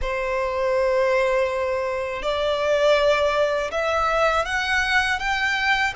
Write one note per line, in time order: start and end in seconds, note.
0.01 2.22 C5
2.22 3.70 D5
3.71 4.45 E5
4.45 5.19 F#5
5.19 5.93 G5